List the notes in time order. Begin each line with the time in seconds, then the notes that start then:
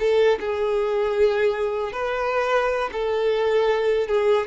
0.00 A4
0.40 G#4
1.93 B4
2.93 A4
4.08 G#4